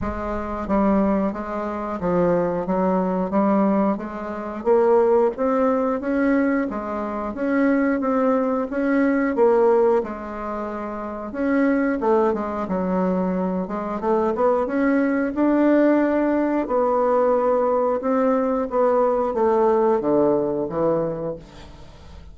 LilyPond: \new Staff \with { instrumentName = "bassoon" } { \time 4/4 \tempo 4 = 90 gis4 g4 gis4 f4 | fis4 g4 gis4 ais4 | c'4 cis'4 gis4 cis'4 | c'4 cis'4 ais4 gis4~ |
gis4 cis'4 a8 gis8 fis4~ | fis8 gis8 a8 b8 cis'4 d'4~ | d'4 b2 c'4 | b4 a4 d4 e4 | }